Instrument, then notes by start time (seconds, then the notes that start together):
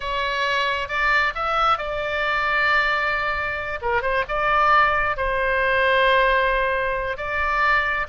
oboe
0.00 C#5
0.88 D5
1.35 E5
1.77 D5
3.81 A#4
4.02 C5
4.28 D5
5.16 C5
7.17 D5